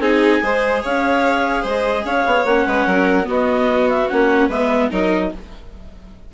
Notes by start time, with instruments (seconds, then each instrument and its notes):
0.00 bassoon C4, viola D#4, violin G#4, clarinet G#5
0.42 bassoon G#3, viola G#4, violin C5
0.83 bassoon C#4, violin C#5, clarinet F5
1.62 bassoon G#3, violin C5, clarinet D#5
2.05 bassoon C#4, violin C#5, clarinet F5
2.26 bassoon B3
2.45 bassoon A#3, viola C#4, clarinet F#5
2.67 bassoon G#3, violin B4
2.87 bassoon F#3, violin A#4
3.24 viola B3, bassoon B3, violin F#4
3.31 clarinet D#5
3.90 clarinet E5
4.09 bassoon A#3, viola C#4, clarinet F#5
4.48 bassoon G#3, viola B3, violin B4, clarinet E5
4.91 bassoon F#3, viola D#4, violin A#4, clarinet D#5